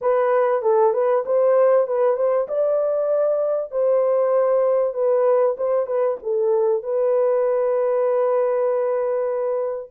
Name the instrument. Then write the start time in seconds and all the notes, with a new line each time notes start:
horn
0.01 B4
0.62 A4
0.93 B4
1.25 C5
1.87 B4
2.16 C5
2.47 D5
3.71 C5
4.93 B4
5.57 C5
5.86 B4
6.22 A4
6.82 B4